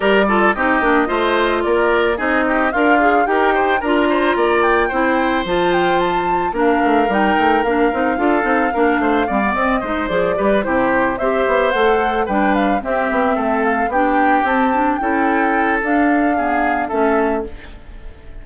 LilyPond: <<
  \new Staff \with { instrumentName = "flute" } { \time 4/4 \tempo 4 = 110 d''4 dis''2 d''4 | dis''4 f''4 g''4 ais''4~ | ais''8 g''4. a''8 g''8 a''4 | f''4 g''4 f''2~ |
f''4. dis''4 d''4 c''8~ | c''8 e''4 fis''4 g''8 f''8 e''8~ | e''4 f''8 g''4 a''4 g''8~ | g''4 f''2 e''4 | }
  \new Staff \with { instrumentName = "oboe" } { \time 4/4 ais'8 a'8 g'4 c''4 ais'4 | gis'8 g'8 f'4 ais'8 c''8 ais'8 c''8 | d''4 c''2. | ais'2. a'4 |
ais'8 c''8 d''4 c''4 b'8 g'8~ | g'8 c''2 b'4 g'8~ | g'8 a'4 g'2 a'8~ | a'2 gis'4 a'4 | }
  \new Staff \with { instrumentName = "clarinet" } { \time 4/4 g'8 f'8 dis'8 d'8 f'2 | dis'4 ais'8 gis'8 g'4 f'4~ | f'4 e'4 f'2 | d'4 dis'4 d'8 dis'8 f'8 dis'8 |
d'4 c'16 b16 c'8 dis'8 gis'8 g'8 e'8~ | e'8 g'4 a'4 d'4 c'8~ | c'4. d'4 c'8 d'8 e'8~ | e'4 d'4 b4 cis'4 | }
  \new Staff \with { instrumentName = "bassoon" } { \time 4/4 g4 c'8 ais8 a4 ais4 | c'4 d'4 dis'4 d'4 | ais4 c'4 f2 | ais8 a8 g8 a8 ais8 c'8 d'8 c'8 |
ais8 a8 g8 c'8 gis8 f8 g8 c8~ | c8 c'8 b8 a4 g4 c'8 | b8 a4 b4 c'4 cis'8~ | cis'4 d'2 a4 | }
>>